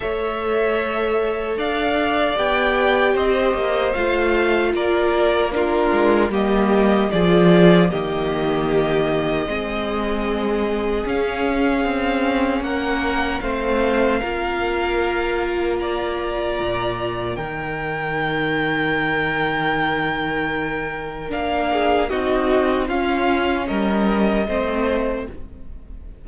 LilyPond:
<<
  \new Staff \with { instrumentName = "violin" } { \time 4/4 \tempo 4 = 76 e''2 f''4 g''4 | dis''4 f''4 d''4 ais'4 | dis''4 d''4 dis''2~ | dis''2 f''2 |
fis''4 f''2. | ais''2 g''2~ | g''2. f''4 | dis''4 f''4 dis''2 | }
  \new Staff \with { instrumentName = "violin" } { \time 4/4 cis''2 d''2 | c''2 ais'4 f'4 | g'4 gis'4 g'2 | gis'1 |
ais'4 c''4 ais'2 | d''2 ais'2~ | ais'2.~ ais'8 gis'8 | fis'4 f'4 ais'4 c''4 | }
  \new Staff \with { instrumentName = "viola" } { \time 4/4 a'2. g'4~ | g'4 f'2 d'4 | ais4 f'4 ais2 | c'2 cis'2~ |
cis'4 c'4 f'2~ | f'2 dis'2~ | dis'2. d'4 | dis'4 cis'2 c'4 | }
  \new Staff \with { instrumentName = "cello" } { \time 4/4 a2 d'4 b4 | c'8 ais8 a4 ais4. gis8 | g4 f4 dis2 | gis2 cis'4 c'4 |
ais4 a4 ais2~ | ais4 ais,4 dis2~ | dis2. ais4 | c'4 cis'4 g4 a4 | }
>>